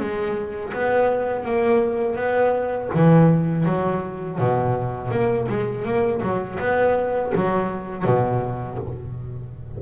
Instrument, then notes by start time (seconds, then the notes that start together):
double bass
0.00 G#3
0.74 B3
1.45 A#3
2.16 B3
2.94 E3
3.66 F#3
4.39 B2
5.11 A#3
5.49 G#3
5.85 A#3
6.23 F#3
6.60 B3
7.35 F#3
8.05 B2